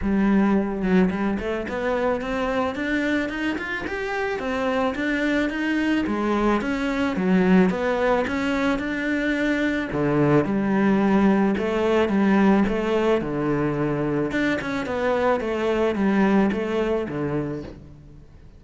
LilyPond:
\new Staff \with { instrumentName = "cello" } { \time 4/4 \tempo 4 = 109 g4. fis8 g8 a8 b4 | c'4 d'4 dis'8 f'8 g'4 | c'4 d'4 dis'4 gis4 | cis'4 fis4 b4 cis'4 |
d'2 d4 g4~ | g4 a4 g4 a4 | d2 d'8 cis'8 b4 | a4 g4 a4 d4 | }